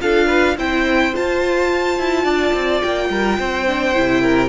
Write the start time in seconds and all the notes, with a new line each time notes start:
0.00 D4 F4 A4 F5
0.27 B4
0.57 C4 E4 C5 G5
1.13 F4 A5
1.98 E4
2.23 D4 D5
2.54 C4
2.81 A#3 G5
3.09 G3 A#4
3.39 C4 C5
3.66 D4
3.94 C3 E4
4.21 A#4